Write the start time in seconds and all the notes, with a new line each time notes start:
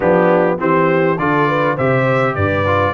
0.00 F3 B3 D4 G4
0.58 E3 C4 G4 C5
1.18 D3 F4 A4 D5
1.48 B4
1.74 C3 G4 C5 E5
2.35 G2 B4 D5
2.66 F4